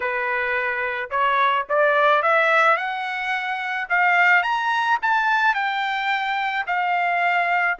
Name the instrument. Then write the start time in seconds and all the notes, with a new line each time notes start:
trumpet
0.00 B4
1.10 C#5
1.69 D5
2.22 E5
2.76 F#5
3.89 F5
4.42 A#5
5.02 A5
5.54 G5
6.66 F5